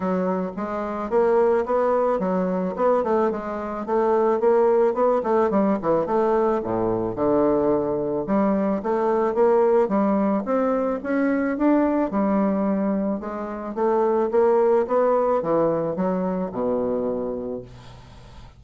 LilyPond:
\new Staff \with { instrumentName = "bassoon" } { \time 4/4 \tempo 4 = 109 fis4 gis4 ais4 b4 | fis4 b8 a8 gis4 a4 | ais4 b8 a8 g8 e8 a4 | a,4 d2 g4 |
a4 ais4 g4 c'4 | cis'4 d'4 g2 | gis4 a4 ais4 b4 | e4 fis4 b,2 | }